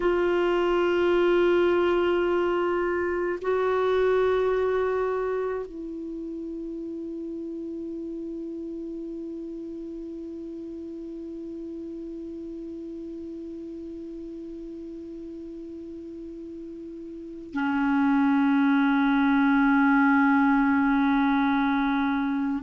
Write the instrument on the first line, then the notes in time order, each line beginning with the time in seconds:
clarinet
0.00 F4
3.41 F#4
5.66 E4
17.53 C#4